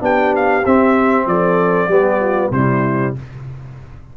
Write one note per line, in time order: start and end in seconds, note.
0.00 0.64 B3
0.00 0.62 D4
0.00 1.27 G4
0.00 0.35 G5
0.36 0.66 F5
0.66 1.27 C4
0.66 1.90 C4
0.66 1.28 E5
1.27 1.88 F3
1.27 1.89 A4
1.27 2.52 D5
1.88 2.51 G3
1.88 2.53 B3
1.88 2.21 G4
2.21 2.52 F4
2.51 3.14 C3
2.51 3.16 G3
2.51 3.17 E4
2.51 3.15 C5